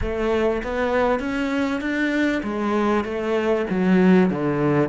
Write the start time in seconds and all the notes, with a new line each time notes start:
0.01 A3
0.63 B3
1.19 C#4
1.81 D4
2.43 G#3
3.04 A3
3.70 F#3
4.30 D3